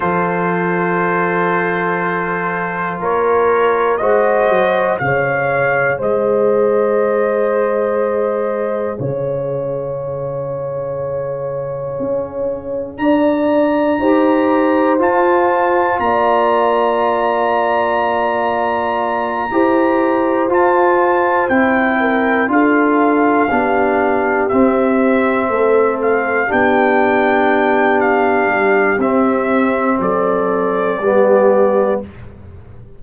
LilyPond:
<<
  \new Staff \with { instrumentName = "trumpet" } { \time 4/4 \tempo 4 = 60 c''2. cis''4 | dis''4 f''4 dis''2~ | dis''4 f''2.~ | f''4 ais''2 a''4 |
ais''1~ | ais''8 a''4 g''4 f''4.~ | f''8 e''4. f''8 g''4. | f''4 e''4 d''2 | }
  \new Staff \with { instrumentName = "horn" } { \time 4/4 a'2. ais'4 | c''4 cis''4 c''2~ | c''4 cis''2.~ | cis''4 d''4 c''2 |
d''2.~ d''8 c''8~ | c''2 ais'8 a'4 g'8~ | g'4. a'4 g'4.~ | g'2 a'4 g'4 | }
  \new Staff \with { instrumentName = "trombone" } { \time 4/4 f'1 | fis'4 gis'2.~ | gis'1~ | gis'2 g'4 f'4~ |
f'2.~ f'8 g'8~ | g'8 f'4 e'4 f'4 d'8~ | d'8 c'2 d'4.~ | d'4 c'2 b4 | }
  \new Staff \with { instrumentName = "tuba" } { \time 4/4 f2. ais4 | gis8 fis8 cis4 gis2~ | gis4 cis2. | cis'4 d'4 dis'4 f'4 |
ais2.~ ais8 e'8~ | e'8 f'4 c'4 d'4 b8~ | b8 c'4 a4 b4.~ | b8 g8 c'4 fis4 g4 | }
>>